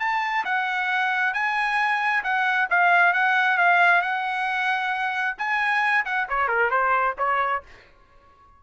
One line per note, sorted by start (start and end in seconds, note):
0.00 0.45 A5
0.45 1.34 F#5
1.34 2.23 G#5
2.24 2.69 F#5
2.70 3.14 F5
3.14 3.58 F#5
3.58 4.02 F5
4.02 5.36 F#5
5.38 6.05 G#5
6.05 6.28 F#5
6.29 6.48 C#5
6.48 6.71 A#4
6.71 7.16 C5
7.18 7.63 C#5